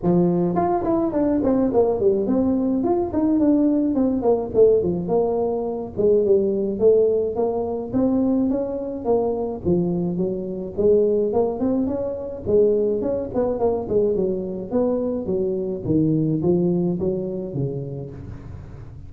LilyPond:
\new Staff \with { instrumentName = "tuba" } { \time 4/4 \tempo 4 = 106 f4 f'8 e'8 d'8 c'8 ais8 g8 | c'4 f'8 dis'8 d'4 c'8 ais8 | a8 f8 ais4. gis8 g4 | a4 ais4 c'4 cis'4 |
ais4 f4 fis4 gis4 | ais8 c'8 cis'4 gis4 cis'8 b8 | ais8 gis8 fis4 b4 fis4 | dis4 f4 fis4 cis4 | }